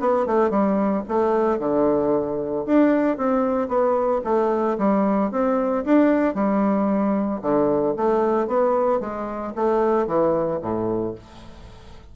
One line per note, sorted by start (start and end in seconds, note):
0.00 0.27 B3
0.27 0.50 A3
0.50 1.03 G3
1.09 1.59 A3
1.59 2.65 D3
2.66 3.18 D4
3.18 3.69 C4
3.69 4.22 B3
4.25 4.78 A3
4.79 5.32 G3
5.32 5.85 C4
5.85 6.35 D4
6.35 7.41 G3
7.42 7.95 D3
7.97 8.48 A3
8.48 9.00 B3
9.00 9.54 G#3
9.56 10.07 A3
10.07 10.60 E3
10.62 11.15 A2